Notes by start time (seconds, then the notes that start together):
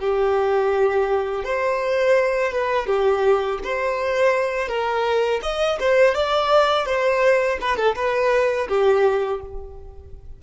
0.00 G4
1.44 C5
2.52 B4
2.87 G4
3.64 C5
4.69 A#4
5.43 D#5
5.80 C5
6.15 D5
6.86 C5
7.61 B4
7.77 A4
7.96 B4
8.69 G4